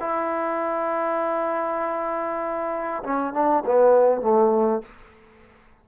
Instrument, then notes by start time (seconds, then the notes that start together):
trombone
0.00 E4
3.03 C#4
3.33 D4
3.65 B3
4.21 A3